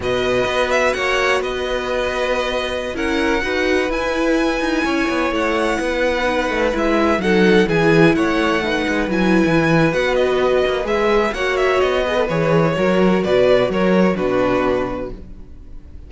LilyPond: <<
  \new Staff \with { instrumentName = "violin" } { \time 4/4 \tempo 4 = 127 dis''4. e''8 fis''4 dis''4~ | dis''2~ dis''16 fis''4.~ fis''16~ | fis''16 gis''2. fis''8.~ | fis''2~ fis''16 e''4 fis''8.~ |
fis''16 gis''4 fis''2 gis''8.~ | gis''4 fis''8 dis''4. e''4 | fis''8 e''8 dis''4 cis''2 | d''4 cis''4 b'2 | }
  \new Staff \with { instrumentName = "violin" } { \time 4/4 b'2 cis''4 b'4~ | b'2~ b'16 ais'4 b'8.~ | b'2~ b'16 cis''4.~ cis''16~ | cis''16 b'2. a'8.~ |
a'16 gis'4 cis''4 b'4.~ b'16~ | b'1 | cis''4. b'4. ais'4 | b'4 ais'4 fis'2 | }
  \new Staff \with { instrumentName = "viola" } { \time 4/4 fis'1~ | fis'2~ fis'16 e'4 fis'8.~ | fis'16 e'2.~ e'8.~ | e'4~ e'16 dis'4 e'4 dis'8.~ |
dis'16 e'2 dis'4 e'8.~ | e'4 fis'2 gis'4 | fis'4. gis'16 a'16 gis'4 fis'4~ | fis'2 d'2 | }
  \new Staff \with { instrumentName = "cello" } { \time 4/4 b,4 b4 ais4 b4~ | b2~ b16 cis'4 dis'8.~ | dis'16 e'4. dis'8 cis'8 b8 a8.~ | a16 b4. a8 gis4 fis8.~ |
fis16 e4 a4. gis8 fis8. | e4 b4. ais8 gis4 | ais4 b4 e4 fis4 | b,4 fis4 b,2 | }
>>